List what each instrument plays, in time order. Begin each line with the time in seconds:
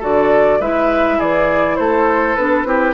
0.00 bassoon D3, clarinet F#4, oboe A4, flute D5
0.60 bassoon G#3, clarinet E4, oboe B4, flute E5
1.18 bassoon E3, oboe G#4, flute D5
1.77 bassoon A3, oboe A4, flute C5
2.36 bassoon B3, clarinet D4, flute B4
2.65 bassoon C4, clarinet E4, oboe G4